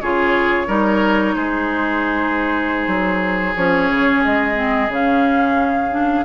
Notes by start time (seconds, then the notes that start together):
0.00 C#3 F4 G#4 C#5
0.67 G3 D#4 A#4
1.35 G#3 G#4 C5
2.87 F#3
3.55 F3 C#4 C#5
3.90 C#3
4.24 G#3 D#5
4.54 C4
4.88 C#3 C#4 F5
5.91 D4